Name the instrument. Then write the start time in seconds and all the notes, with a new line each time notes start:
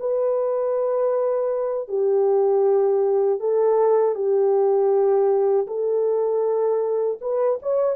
horn
0.00 B4
1.89 G4
3.40 A4
4.15 G4
5.67 A4
7.22 B4
7.63 C#5